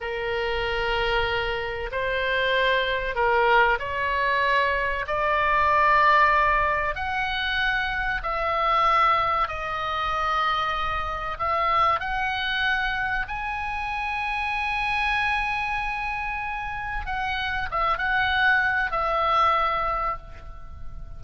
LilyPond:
\new Staff \with { instrumentName = "oboe" } { \time 4/4 \tempo 4 = 95 ais'2. c''4~ | c''4 ais'4 cis''2 | d''2. fis''4~ | fis''4 e''2 dis''4~ |
dis''2 e''4 fis''4~ | fis''4 gis''2.~ | gis''2. fis''4 | e''8 fis''4. e''2 | }